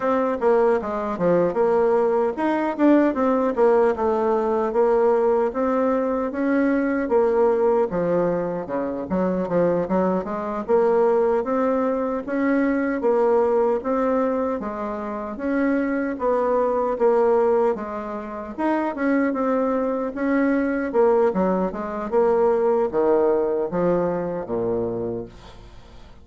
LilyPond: \new Staff \with { instrumentName = "bassoon" } { \time 4/4 \tempo 4 = 76 c'8 ais8 gis8 f8 ais4 dis'8 d'8 | c'8 ais8 a4 ais4 c'4 | cis'4 ais4 f4 cis8 fis8 | f8 fis8 gis8 ais4 c'4 cis'8~ |
cis'8 ais4 c'4 gis4 cis'8~ | cis'8 b4 ais4 gis4 dis'8 | cis'8 c'4 cis'4 ais8 fis8 gis8 | ais4 dis4 f4 ais,4 | }